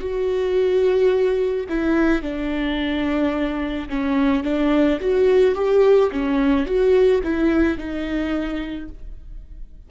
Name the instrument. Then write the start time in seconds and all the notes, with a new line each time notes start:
viola
0.00 F#4
1.69 E4
2.22 D4
3.89 C#4
4.43 D4
5.01 F#4
5.55 G4
6.11 C#4
6.66 F#4
7.23 E4
7.78 D#4